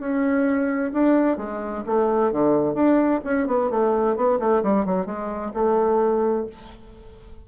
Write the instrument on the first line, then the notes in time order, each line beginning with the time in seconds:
bassoon
0.00 C#4
0.93 D4
1.37 G#3
1.87 A3
2.32 D3
2.74 D4
3.24 C#4
3.47 B3
3.71 A3
4.16 B3
4.40 A3
4.63 G3
4.86 F#3
5.06 G#3
5.54 A3